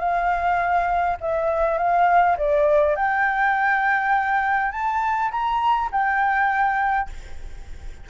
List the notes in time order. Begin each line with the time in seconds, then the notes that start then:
0.00 F5
1.21 E5
1.78 F5
2.38 D5
2.96 G5
4.72 A5
5.32 A#5
5.92 G5